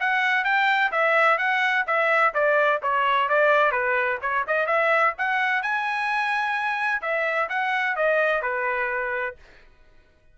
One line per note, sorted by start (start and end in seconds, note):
0.00 0.44 F#5
0.44 0.91 G5
0.91 1.38 E5
1.38 1.85 F#5
1.86 2.33 E5
2.34 2.81 D5
2.82 3.29 C#5
3.29 3.71 D5
3.71 4.18 B4
4.21 4.45 C#5
4.47 4.66 D#5
4.66 5.13 E5
5.18 5.62 F#5
5.62 7.02 G#5
7.02 7.49 E5
7.49 7.96 F#5
7.96 8.42 D#5
8.42 9.36 B4